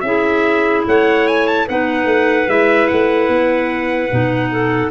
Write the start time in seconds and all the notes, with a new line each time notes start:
0.00 C#4 E4 G#4 E5
0.86 A3 C#5 F#5
1.27 G#5
1.47 A5
1.67 B3 D#4 B4 F#5
2.05 A3
2.47 G#3 E4 E5
2.87 A3 F#5
3.28 B3
4.10 B2 D#4
4.51 A4